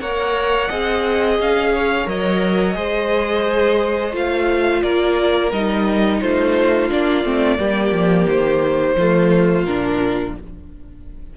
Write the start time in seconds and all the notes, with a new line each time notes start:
0.00 A#3 A#4 C#5 F#5
0.69 C4 G#4 D#5
1.40 C#4 F5
1.73 C#5
2.05 F#3 A#4 D#5
2.73 G#3 G#4 C5
4.12 A3 F4 F5
4.82 A#3 A#4 D5
5.52 G3 D#4 D#5
6.20 A3 F4 C5
6.90 A#3 D4 D5
7.24 A3 C4
7.58 G3 A#3 G4
7.92 F3
8.29 D#3 C5
8.96 F3 A3 F4
9.64 A#2 D4 A#4